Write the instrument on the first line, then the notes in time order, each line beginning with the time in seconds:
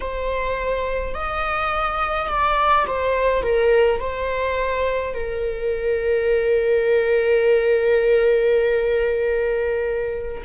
viola
0.00 C5
1.14 D#5
2.28 D5
2.86 C5
3.42 A#4
4.00 C5
5.14 A#4